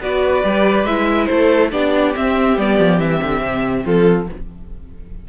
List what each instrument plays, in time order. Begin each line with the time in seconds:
0.00 cello B3, viola F#4, violin B4 D5
0.43 cello G3, viola G4
0.84 cello G#3, viola E4, violin E5
1.26 cello A3, violin A4 C5
1.71 cello B3, viola D4, violin G4 D5
2.14 viola C4, cello C4, violin E5
2.57 cello G3, viola B3, violin D5
2.79 cello F3
2.98 cello E3, viola C4, violin E5
3.23 cello D3
3.40 cello C3
3.84 cello F3, violin F4 A4